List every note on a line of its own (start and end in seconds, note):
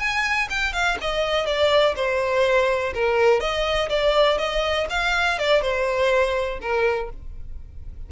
0.00 0.49 G#5
0.50 0.73 G5
0.73 0.98 F5
1.02 1.47 D#5
1.47 1.96 D5
1.96 2.94 C5
2.95 3.41 A#4
3.41 3.89 D#5
3.90 4.39 D5
4.39 4.88 D#5
4.90 5.39 F5
5.39 5.62 D5
5.62 6.60 C5
6.62 7.10 A#4